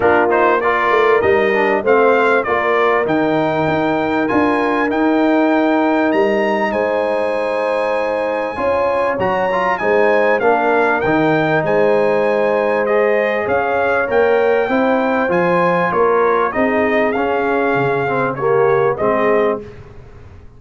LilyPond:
<<
  \new Staff \with { instrumentName = "trumpet" } { \time 4/4 \tempo 4 = 98 ais'8 c''8 d''4 dis''4 f''4 | d''4 g''2 gis''4 | g''2 ais''4 gis''4~ | gis''2. ais''4 |
gis''4 f''4 g''4 gis''4~ | gis''4 dis''4 f''4 g''4~ | g''4 gis''4 cis''4 dis''4 | f''2 cis''4 dis''4 | }
  \new Staff \with { instrumentName = "horn" } { \time 4/4 f'4 ais'2 c''4 | ais'1~ | ais'2. c''4~ | c''2 cis''2 |
c''4 ais'2 c''4~ | c''2 cis''2 | c''2 ais'4 gis'4~ | gis'2 g'4 gis'4 | }
  \new Staff \with { instrumentName = "trombone" } { \time 4/4 d'8 dis'8 f'4 dis'8 d'8 c'4 | f'4 dis'2 f'4 | dis'1~ | dis'2 f'4 fis'8 f'8 |
dis'4 d'4 dis'2~ | dis'4 gis'2 ais'4 | e'4 f'2 dis'4 | cis'4. c'8 ais4 c'4 | }
  \new Staff \with { instrumentName = "tuba" } { \time 4/4 ais4. a8 g4 a4 | ais4 dis4 dis'4 d'4 | dis'2 g4 gis4~ | gis2 cis'4 fis4 |
gis4 ais4 dis4 gis4~ | gis2 cis'4 ais4 | c'4 f4 ais4 c'4 | cis'4 cis2 gis4 | }
>>